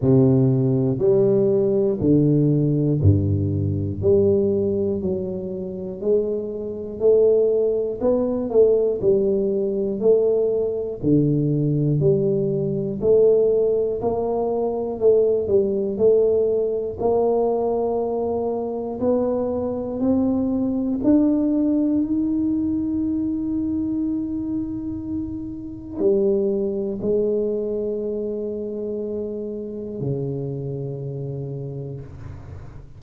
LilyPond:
\new Staff \with { instrumentName = "tuba" } { \time 4/4 \tempo 4 = 60 c4 g4 d4 g,4 | g4 fis4 gis4 a4 | b8 a8 g4 a4 d4 | g4 a4 ais4 a8 g8 |
a4 ais2 b4 | c'4 d'4 dis'2~ | dis'2 g4 gis4~ | gis2 cis2 | }